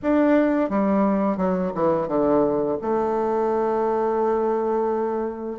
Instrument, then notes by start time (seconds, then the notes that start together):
bassoon
0.02 D4
0.69 G3
1.37 F#3
1.74 E3
2.07 D3
2.81 A3